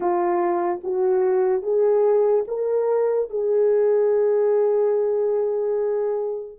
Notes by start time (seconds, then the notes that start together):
0.00 F4
0.83 F#4
1.62 G#4
2.47 A#4
3.30 G#4